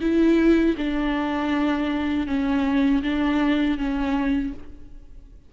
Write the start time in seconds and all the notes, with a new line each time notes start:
0.00 E4
0.77 D4
2.27 C#4
3.02 D4
3.77 C#4